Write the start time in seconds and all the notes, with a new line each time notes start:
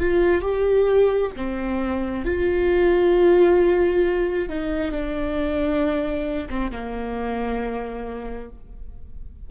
0.00 F4
0.42 G4
1.36 C4
2.25 F4
4.49 D#4
4.91 D4
6.50 C4
6.71 A#3